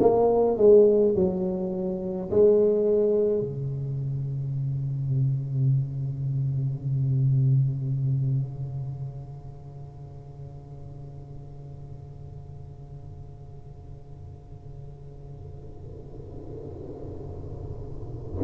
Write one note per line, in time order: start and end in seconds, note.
0.00 0.57 A#3
0.57 1.15 G#3
1.15 2.30 F#3
2.30 3.40 G#3
3.40 18.40 C#3